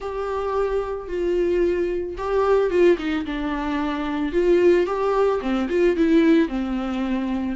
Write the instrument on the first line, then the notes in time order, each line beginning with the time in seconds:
viola
0.00 G4
1.08 F4
2.17 G4
2.70 F4
2.98 D#4
3.25 D4
4.32 F4
4.86 G4
5.41 C4
5.69 F4
5.96 E4
6.48 C4